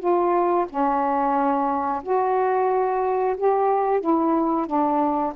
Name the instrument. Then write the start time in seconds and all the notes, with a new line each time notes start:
saxophone
0.00 F4
0.70 C#4
2.03 F#4
3.37 G4
4.01 E4
4.67 D4